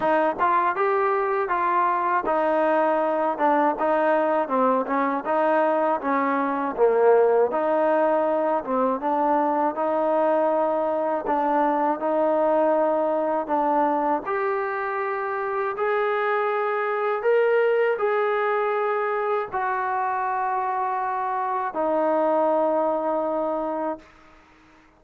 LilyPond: \new Staff \with { instrumentName = "trombone" } { \time 4/4 \tempo 4 = 80 dis'8 f'8 g'4 f'4 dis'4~ | dis'8 d'8 dis'4 c'8 cis'8 dis'4 | cis'4 ais4 dis'4. c'8 | d'4 dis'2 d'4 |
dis'2 d'4 g'4~ | g'4 gis'2 ais'4 | gis'2 fis'2~ | fis'4 dis'2. | }